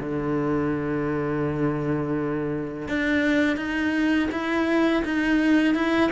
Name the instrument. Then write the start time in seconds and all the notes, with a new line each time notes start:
cello
0.00 D3
2.89 D4
3.57 D#4
4.32 E4
5.05 D#4
5.75 E4